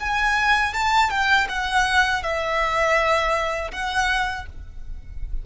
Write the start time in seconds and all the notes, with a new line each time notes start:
0.00 G#5
0.73 A5
1.10 G5
1.48 F#5
2.23 E5
3.71 F#5